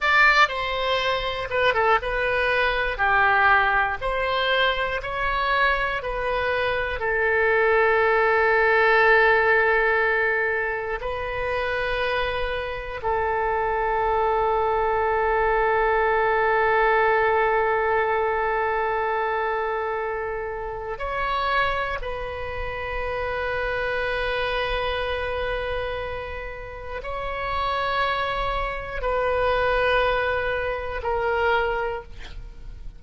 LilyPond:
\new Staff \with { instrumentName = "oboe" } { \time 4/4 \tempo 4 = 60 d''8 c''4 b'16 a'16 b'4 g'4 | c''4 cis''4 b'4 a'4~ | a'2. b'4~ | b'4 a'2.~ |
a'1~ | a'4 cis''4 b'2~ | b'2. cis''4~ | cis''4 b'2 ais'4 | }